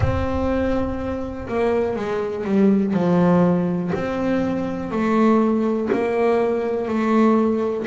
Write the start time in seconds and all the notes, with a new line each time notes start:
0.00 C4
1.48 A#3
1.96 G#3
2.44 G3
2.93 F3
3.94 C4
4.91 A3
5.92 A#3
6.88 A3